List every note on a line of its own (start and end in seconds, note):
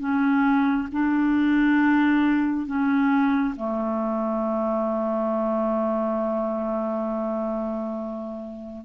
0.00 0.88 C#4
0.92 2.67 D4
2.67 3.55 C#4
3.56 8.86 A3